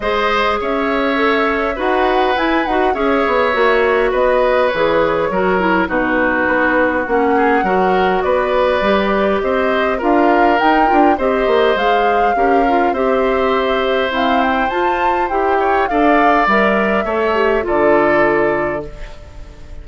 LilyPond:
<<
  \new Staff \with { instrumentName = "flute" } { \time 4/4 \tempo 4 = 102 dis''4 e''2 fis''4 | gis''8 fis''8 e''2 dis''4 | cis''2 b'2 | fis''2 d''2 |
dis''4 f''4 g''4 dis''4 | f''2 e''2 | f''8 g''8 a''4 g''4 f''4 | e''2 d''2 | }
  \new Staff \with { instrumentName = "oboe" } { \time 4/4 c''4 cis''2 b'4~ | b'4 cis''2 b'4~ | b'4 ais'4 fis'2~ | fis'8 gis'8 ais'4 b'2 |
c''4 ais'2 c''4~ | c''4 ais'4 c''2~ | c''2~ c''8 cis''8 d''4~ | d''4 cis''4 a'2 | }
  \new Staff \with { instrumentName = "clarinet" } { \time 4/4 gis'2 a'4 fis'4 | e'8 fis'8 gis'4 fis'2 | gis'4 fis'8 e'8 dis'2 | cis'4 fis'2 g'4~ |
g'4 f'4 dis'8 f'8 g'4 | gis'4 g'8 f'8 g'2 | c'4 f'4 g'4 a'4 | ais'4 a'8 g'8 f'2 | }
  \new Staff \with { instrumentName = "bassoon" } { \time 4/4 gis4 cis'2 dis'4 | e'8 dis'8 cis'8 b8 ais4 b4 | e4 fis4 b,4 b4 | ais4 fis4 b4 g4 |
c'4 d'4 dis'8 d'8 c'8 ais8 | gis4 cis'4 c'2 | e'4 f'4 e'4 d'4 | g4 a4 d2 | }
>>